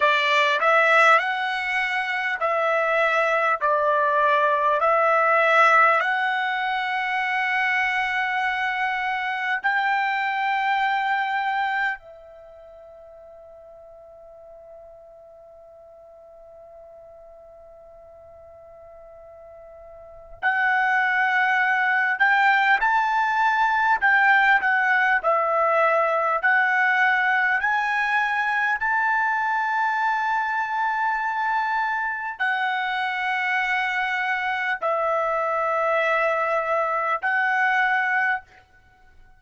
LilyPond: \new Staff \with { instrumentName = "trumpet" } { \time 4/4 \tempo 4 = 50 d''8 e''8 fis''4 e''4 d''4 | e''4 fis''2. | g''2 e''2~ | e''1~ |
e''4 fis''4. g''8 a''4 | g''8 fis''8 e''4 fis''4 gis''4 | a''2. fis''4~ | fis''4 e''2 fis''4 | }